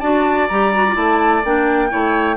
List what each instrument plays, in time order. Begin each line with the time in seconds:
0.00 bassoon D4, clarinet F#4, oboe D5, flute A5
0.48 bassoon G3, clarinet G4, flute A#5
0.74 clarinet F#4
0.88 clarinet F4
0.95 bassoon A3, clarinet E4, flute A5
1.45 bassoon A#3, clarinet D4, flute G5
1.90 bassoon A3, clarinet E4, oboe C#5